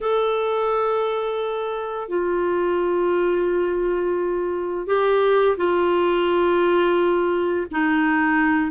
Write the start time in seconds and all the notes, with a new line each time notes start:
0.00 A4
2.08 F4
4.86 G4
5.57 F4
7.71 D#4